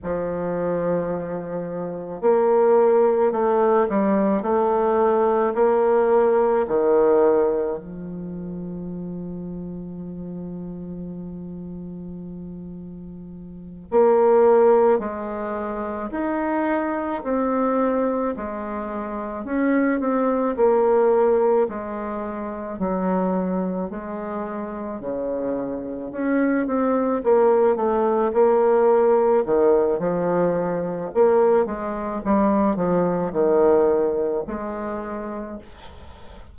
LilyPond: \new Staff \with { instrumentName = "bassoon" } { \time 4/4 \tempo 4 = 54 f2 ais4 a8 g8 | a4 ais4 dis4 f4~ | f1~ | f8 ais4 gis4 dis'4 c'8~ |
c'8 gis4 cis'8 c'8 ais4 gis8~ | gis8 fis4 gis4 cis4 cis'8 | c'8 ais8 a8 ais4 dis8 f4 | ais8 gis8 g8 f8 dis4 gis4 | }